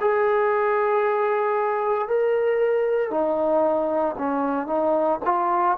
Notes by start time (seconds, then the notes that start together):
0.00 G#4
2.08 A#4
3.10 D#4
4.18 C#4
4.67 D#4
5.25 F4